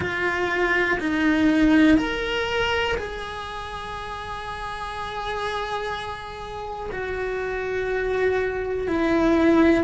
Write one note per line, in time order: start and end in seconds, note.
0.00 0.98 F4
0.99 1.97 D#4
1.97 2.96 A#4
2.97 6.90 G#4
6.91 8.87 F#4
8.87 9.84 E4